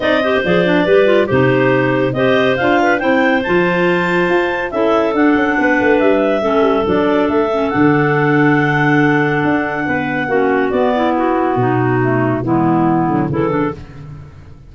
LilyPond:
<<
  \new Staff \with { instrumentName = "clarinet" } { \time 4/4 \tempo 4 = 140 dis''4 d''2 c''4~ | c''4 dis''4 f''4 g''4 | a''2. e''4 | fis''2 e''2 |
d''4 e''4 fis''2~ | fis''1~ | fis''4 d''4 fis'2~ | fis'4 e'2 a'4 | }
  \new Staff \with { instrumentName = "clarinet" } { \time 4/4 d''8 c''4. b'4 g'4~ | g'4 c''4. b'8 c''4~ | c''2. a'4~ | a'4 b'2 a'4~ |
a'1~ | a'2. b'4 | fis'4. e'4. dis'4~ | dis'4 b2 e'8 d'8 | }
  \new Staff \with { instrumentName = "clarinet" } { \time 4/4 dis'8 g'8 gis'8 d'8 g'8 f'8 dis'4~ | dis'4 g'4 f'4 e'4 | f'2. e'4 | d'2. cis'4 |
d'4. cis'8 d'2~ | d'1 | cis'4 b2. | a4 gis4. fis8 e4 | }
  \new Staff \with { instrumentName = "tuba" } { \time 4/4 c'4 f4 g4 c4~ | c4 c'4 d'4 c'4 | f2 f'4 cis'4 | d'8 cis'8 b8 a8 g4 a8 g8 |
fis4 a4 d2~ | d2 d'4 b4 | ais4 b2 b,4~ | b,4 e4. d8 cis4 | }
>>